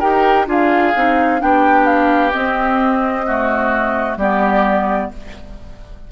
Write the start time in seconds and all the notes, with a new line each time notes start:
0.00 D#4 G4 A#4 G5
0.47 D4 F4 G#4 F5
0.96 C4 D#4
1.40 B3 D4 G4 G5
1.86 F5
2.33 C4 D#5
3.27 A3 F#4
4.17 G3 B3 G4 D5